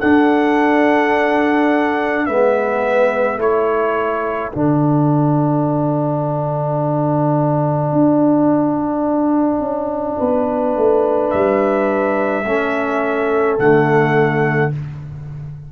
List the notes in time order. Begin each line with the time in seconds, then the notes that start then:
0.00 D4 A4 F#5
2.26 G#3 B3 B4 E5
3.37 A3 E4 A4 C#5
4.52 D3 D4 F#5
7.92 D4
9.60 C#4
10.18 B3 B4
10.76 A3
11.30 G3 E5
12.45 A3 C#4 A4
13.59 D3 A3 F#5